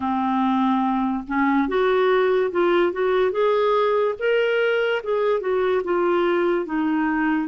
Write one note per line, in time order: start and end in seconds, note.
0.00 1.24 C4
1.27 1.68 C#4
1.68 2.51 F#4
2.51 2.92 F4
2.92 3.31 F#4
3.31 4.14 G#4
4.18 5.02 A#4
5.03 5.40 G#4
5.40 5.82 F#4
5.84 6.65 F4
6.65 7.48 D#4